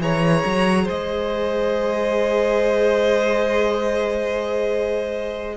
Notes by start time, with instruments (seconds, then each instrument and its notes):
0.00 cello E3, viola G#4, violin C#5 A#5
0.46 cello F#3
0.84 cello G#3, violin C5 D#5